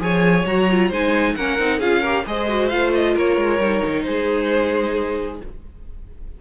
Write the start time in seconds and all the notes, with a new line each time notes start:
0.00 F3 G#4 C#5 G#5
0.46 F#3 F#4 A#5
0.71 F4
0.89 G#3 D#4 C5 G#5
1.36 A#3 C#4 A#4 F#5
1.59 C4 D#4
1.79 C#4 F4 G#4 F5
2.01 G4 A#4
2.26 G#3 G#4 C5 D#5
2.48 F#4
2.69 A3 F4 F5
2.94 D#5
3.15 A#3 A#4 C#5
3.36 G#3
3.59 G3 D#4
3.86 D#3
4.03 G#3 G#4 C5